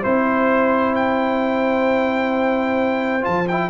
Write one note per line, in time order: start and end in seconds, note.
0.00 3.26 C4
0.00 3.22 E4
0.00 3.66 C5
0.00 0.95 C5
0.96 3.25 G5
3.22 3.45 F4
3.22 3.48 A5
3.28 3.70 F3
3.48 3.70 E4
3.48 3.70 G5